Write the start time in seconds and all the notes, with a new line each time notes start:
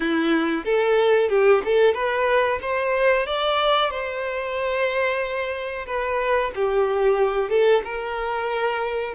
0.00 E4
0.64 A4
1.29 G4
1.64 A4
1.94 B4
2.61 C5
3.26 D5
3.90 C5
5.86 B4
6.55 G4
7.49 A4
7.84 A#4